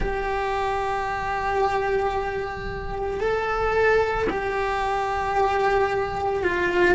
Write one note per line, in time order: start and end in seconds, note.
0.00 3.20 G4
3.20 4.27 A4
4.29 6.43 G4
6.43 6.94 F4